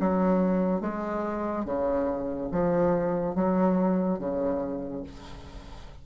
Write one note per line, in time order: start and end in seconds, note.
0.00 0.81 F#3
0.81 1.65 G#3
1.65 2.50 C#3
2.52 3.35 F3
3.35 4.19 F#3
4.19 5.04 C#3